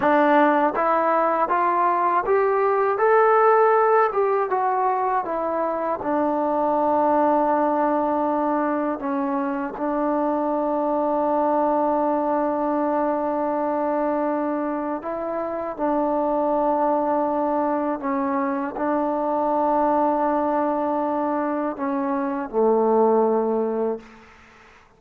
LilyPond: \new Staff \with { instrumentName = "trombone" } { \time 4/4 \tempo 4 = 80 d'4 e'4 f'4 g'4 | a'4. g'8 fis'4 e'4 | d'1 | cis'4 d'2.~ |
d'1 | e'4 d'2. | cis'4 d'2.~ | d'4 cis'4 a2 | }